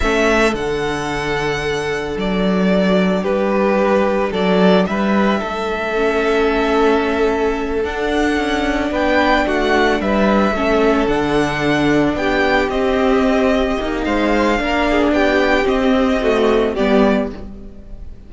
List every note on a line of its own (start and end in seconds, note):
0.00 0.54 A3
0.00 0.54 C#4
0.00 3.21 A4
0.00 0.53 E5
0.54 2.16 D3
0.54 5.94 D4
0.54 2.17 F#5
2.16 3.24 F#3
2.16 3.24 D5
3.21 4.32 G3
3.21 4.29 G4
3.21 4.32 B4
4.31 4.86 F#3
4.31 4.85 A4
4.31 4.85 D5
4.85 5.41 G3
4.85 5.39 B4
4.85 7.83 E5
5.39 7.84 A3
5.39 8.91 A4
5.94 7.83 C#4
7.83 10.54 D4
7.83 8.36 D4
7.83 8.93 F#5
8.36 8.91 C#4
8.91 9.45 B3
8.91 9.45 B4
8.91 9.47 G5
9.46 10.00 A3
9.46 10.00 F#4
9.46 10.01 F#5
10.00 10.52 G3
10.00 10.55 B4
10.00 11.07 E5
10.52 11.06 A3
10.52 11.08 C#4
10.52 12.17 A4
11.07 12.14 D3
11.07 12.70 D4
11.07 12.15 F#5
12.14 12.68 B3
12.14 14.05 G4
12.14 12.69 G5
12.69 13.77 C4
12.69 13.79 C4
12.69 14.04 D#5
13.80 14.05 A#3
13.80 14.58 D#4
14.04 14.59 G#3
14.04 14.59 C5
14.04 15.12 F5
14.58 15.11 A#3
14.58 15.64 D4
14.58 14.90 A#4
14.90 15.14 G#4
15.11 15.65 B3
15.11 16.21 G4
15.11 15.67 G5
15.64 16.18 C4
15.64 16.75 C4
15.64 16.75 D#5
16.21 16.76 A3
16.21 16.73 F#4
16.73 17.32 G3
16.73 17.31 B3
16.73 17.27 G4
16.73 17.29 D5